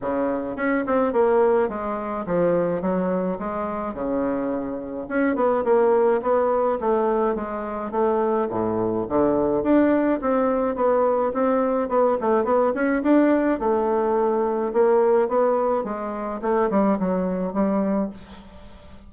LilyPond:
\new Staff \with { instrumentName = "bassoon" } { \time 4/4 \tempo 4 = 106 cis4 cis'8 c'8 ais4 gis4 | f4 fis4 gis4 cis4~ | cis4 cis'8 b8 ais4 b4 | a4 gis4 a4 a,4 |
d4 d'4 c'4 b4 | c'4 b8 a8 b8 cis'8 d'4 | a2 ais4 b4 | gis4 a8 g8 fis4 g4 | }